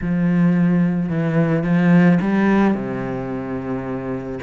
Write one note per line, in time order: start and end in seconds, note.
0.01 1.09 F3
1.09 1.63 E3
1.63 2.18 F3
2.21 2.74 G3
2.74 4.39 C3